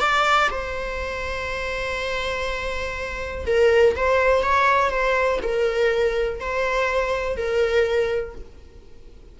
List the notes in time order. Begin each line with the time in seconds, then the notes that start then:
0.00 D5
0.51 C5
3.46 A#4
3.96 C5
4.43 C#5
4.91 C5
5.43 A#4
6.40 C5
7.37 A#4